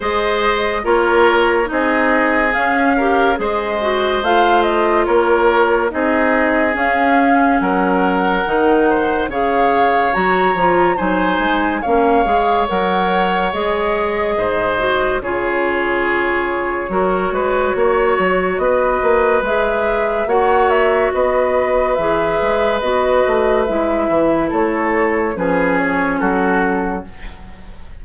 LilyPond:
<<
  \new Staff \with { instrumentName = "flute" } { \time 4/4 \tempo 4 = 71 dis''4 cis''4 dis''4 f''4 | dis''4 f''8 dis''8 cis''4 dis''4 | f''4 fis''2 f''4 | ais''4 gis''4 f''4 fis''4 |
dis''2 cis''2~ | cis''2 dis''4 e''4 | fis''8 e''8 dis''4 e''4 dis''4 | e''4 cis''4 b'8 cis''8 a'4 | }
  \new Staff \with { instrumentName = "oboe" } { \time 4/4 c''4 ais'4 gis'4. ais'8 | c''2 ais'4 gis'4~ | gis'4 ais'4. c''8 cis''4~ | cis''4 c''4 cis''2~ |
cis''4 c''4 gis'2 | ais'8 b'8 cis''4 b'2 | cis''4 b'2.~ | b'4 a'4 gis'4 fis'4 | }
  \new Staff \with { instrumentName = "clarinet" } { \time 4/4 gis'4 f'4 dis'4 cis'8 g'8 | gis'8 fis'8 f'2 dis'4 | cis'2 dis'4 gis'4 | fis'8 f'8 dis'4 cis'8 gis'8 ais'4 |
gis'4. fis'8 f'2 | fis'2. gis'4 | fis'2 gis'4 fis'4 | e'2 cis'2 | }
  \new Staff \with { instrumentName = "bassoon" } { \time 4/4 gis4 ais4 c'4 cis'4 | gis4 a4 ais4 c'4 | cis'4 fis4 dis4 cis4 | fis8 f8 fis8 gis8 ais8 gis8 fis4 |
gis4 gis,4 cis2 | fis8 gis8 ais8 fis8 b8 ais8 gis4 | ais4 b4 e8 gis8 b8 a8 | gis8 e8 a4 f4 fis4 | }
>>